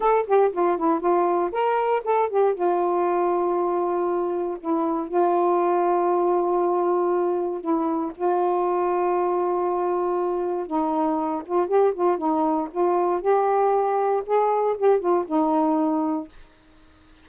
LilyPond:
\new Staff \with { instrumentName = "saxophone" } { \time 4/4 \tempo 4 = 118 a'8 g'8 f'8 e'8 f'4 ais'4 | a'8 g'8 f'2.~ | f'4 e'4 f'2~ | f'2. e'4 |
f'1~ | f'4 dis'4. f'8 g'8 f'8 | dis'4 f'4 g'2 | gis'4 g'8 f'8 dis'2 | }